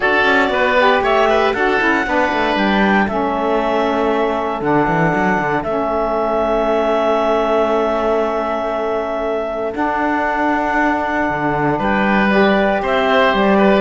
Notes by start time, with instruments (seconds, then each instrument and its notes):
0.00 cello D4, saxophone F#4, oboe A4, clarinet D5
0.24 cello C#4
0.49 cello B3, oboe B4
0.79 saxophone G4
1.01 cello A3, oboe C#5, clarinet E5
1.29 oboe B4
1.52 cello D4, saxophone F#4, oboe A4, clarinet F#5
1.79 cello C#4, saxophone E4
2.05 cello B3, saxophone D4, oboe B4
2.32 cello A3
2.55 cello G3, clarinet G5
3.04 cello A3, saxophone C#4, oboe A4, clarinet E5
4.61 cello D3, saxophone D4, clarinet F#5
4.87 cello E3
5.14 cello F#3
5.38 cello D3
5.62 cello A3, saxophone C#4, clarinet E5
9.72 saxophone D4, cello D4, clarinet F#5
11.29 cello D3
11.79 cello G3, oboe B4, clarinet G5
12.29 saxophone G4, clarinet D5
12.82 cello C4, oboe C5, clarinet E5
13.33 cello G3, clarinet D5
13.57 oboe B4